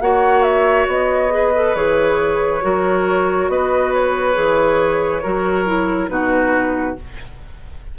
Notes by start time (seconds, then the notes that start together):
0.00 A#3 F#4 C#5 F#5
0.42 E5
0.87 B3 D#5
1.29 G#4 B4
1.55 A4
1.74 E3 G#4 C#5
2.61 F#3 F#4 A#4
3.48 B3 B4 D#5
3.93 C#5
4.33 E3 G#4
5.22 F#3 F#4 A#4
5.65 E4
6.08 B2 D#4 F#4 B4